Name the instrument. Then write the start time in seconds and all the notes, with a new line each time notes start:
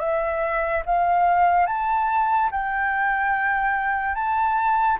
flute
0.00 E5
0.86 F5
1.67 A5
2.52 G5
4.15 A5